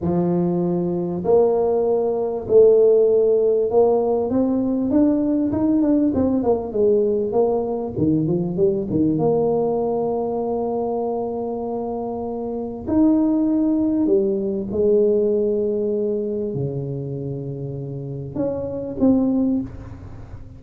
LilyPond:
\new Staff \with { instrumentName = "tuba" } { \time 4/4 \tempo 4 = 98 f2 ais2 | a2 ais4 c'4 | d'4 dis'8 d'8 c'8 ais8 gis4 | ais4 dis8 f8 g8 dis8 ais4~ |
ais1~ | ais4 dis'2 g4 | gis2. cis4~ | cis2 cis'4 c'4 | }